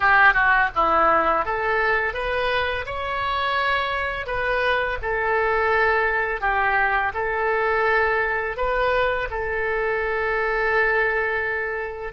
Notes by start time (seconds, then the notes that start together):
0.00 G4
0.33 F#4
0.75 E4
1.44 A4
2.13 B4
2.85 C#5
4.26 B4
5.02 A4
6.41 G4
7.14 A4
8.56 B4
9.30 A4